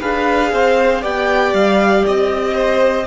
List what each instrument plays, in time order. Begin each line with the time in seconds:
0.00 cello D4, viola G#4, violin B4 F5
0.53 cello C4, violin C5
1.01 cello B3, viola G4, violin D5 G5
1.53 cello G3, violin F5
2.07 cello C4, violin D#5
2.54 violin C5